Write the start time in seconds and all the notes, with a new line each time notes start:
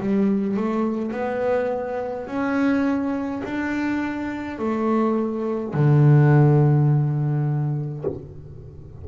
0.00 G3
0.57 A3
1.11 B3
2.27 C#4
3.44 D4
4.58 A3
5.74 D3